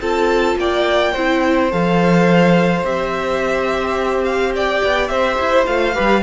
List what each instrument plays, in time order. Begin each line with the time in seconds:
0.00 cello C4, viola F4, violin A4 A5
0.55 cello A#3, violin D5 G5
1.12 cello C4, viola E4, violin C5
1.71 cello F3, viola A4, violin F5
2.83 cello C4, viola G4, violin E5
4.24 violin F5
4.55 violin D5 G5
4.83 cello B3
5.07 cello C4, violin C5 E5
5.39 cello E4
5.65 cello A3, viola F4, violin F5
5.94 cello G3, viola G4, violin B4